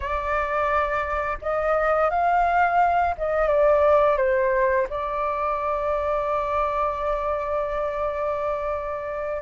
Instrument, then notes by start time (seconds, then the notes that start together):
flute
0.00 D5
1.41 D#5
2.10 F5
3.17 D#5
3.47 D5
4.17 C5
4.89 D5